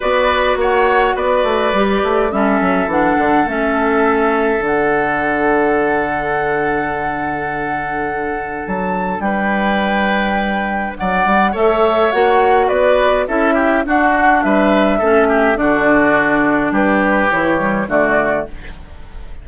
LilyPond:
<<
  \new Staff \with { instrumentName = "flute" } { \time 4/4 \tempo 4 = 104 d''4 fis''4 d''2 | e''4 fis''4 e''2 | fis''1~ | fis''2. a''4 |
g''2. fis''4 | e''4 fis''4 d''4 e''4 | fis''4 e''2 d''4~ | d''4 b'4 cis''4 d''4 | }
  \new Staff \with { instrumentName = "oboe" } { \time 4/4 b'4 cis''4 b'2 | a'1~ | a'1~ | a'1 |
b'2. d''4 | cis''2 b'4 a'8 g'8 | fis'4 b'4 a'8 g'8 fis'4~ | fis'4 g'2 fis'4 | }
  \new Staff \with { instrumentName = "clarinet" } { \time 4/4 fis'2. g'4 | cis'4 d'4 cis'2 | d'1~ | d'1~ |
d'1 | a'4 fis'2 e'4 | d'2 cis'4 d'4~ | d'2 e'8 g8 a4 | }
  \new Staff \with { instrumentName = "bassoon" } { \time 4/4 b4 ais4 b8 a8 g8 a8 | g8 fis8 e8 d8 a2 | d1~ | d2. fis4 |
g2. fis8 g8 | a4 ais4 b4 cis'4 | d'4 g4 a4 d4~ | d4 g4 e4 d4 | }
>>